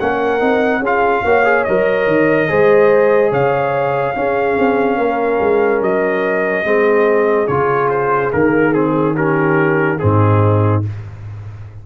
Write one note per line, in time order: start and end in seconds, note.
0.00 0.41 A#3
0.00 0.40 C#4
0.00 0.80 A#4
0.00 0.83 F#5
0.40 0.80 C4
0.40 0.81 D#4
0.80 1.21 C#4
0.80 1.25 F4
0.80 1.22 G#4
0.86 1.64 F5
1.24 1.66 A#3
1.24 1.44 F#4
1.24 2.49 C#5
1.44 1.65 G#4
1.64 2.07 F#3
1.64 2.48 A#4
1.64 3.31 D#5
2.07 2.48 D#3
2.48 3.32 G#3
2.48 4.15 G#4
2.48 3.31 C5
3.31 4.15 C#3
3.31 4.14 C#5
3.31 5.83 F5
4.15 6.64 C#4
4.15 4.58 C#4
4.15 4.98 G#4
4.59 4.97 C4
4.97 5.39 A#3
4.97 6.65 A#4
5.40 5.81 G#3
5.81 6.64 F#3
5.81 7.47 D#5
6.64 7.48 G#3
6.64 7.47 C4
6.64 9.15 G#4
7.47 8.32 C#3
7.47 8.31 F4
7.47 7.89 C#5
7.90 8.32 C5
8.31 10.01 D#3
8.31 8.73 A#3
8.31 8.74 A#4
8.73 9.15 C4
8.73 9.15 G#4
9.15 9.99 C#4
9.15 9.98 G4
9.15 9.99 A#4
9.99 10.86 G#2
9.99 10.83 C4
9.99 10.85 D#4
9.99 10.82 G#4